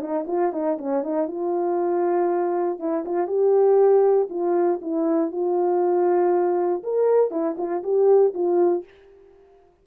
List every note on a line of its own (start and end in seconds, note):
0.00 0.25 D#4
0.27 0.52 F4
0.52 0.78 D#4
0.78 1.03 C#4
1.03 1.28 D#4
1.28 2.79 F4
2.79 3.04 E4
3.05 3.27 F4
3.27 4.28 G4
4.30 4.80 F4
4.82 5.31 E4
5.31 6.83 F4
6.83 7.31 A#4
7.31 7.56 E4
7.58 7.83 F4
7.83 8.34 G4
8.34 8.84 F4